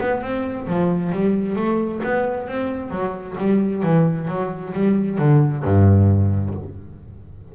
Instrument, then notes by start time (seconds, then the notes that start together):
double bass
0.00 B3
0.22 C4
0.67 F3
1.12 G3
1.55 A3
2.03 B3
2.48 C4
2.90 F#3
3.37 G3
3.82 E3
4.28 F#3
4.73 G3
5.18 D3
5.64 G2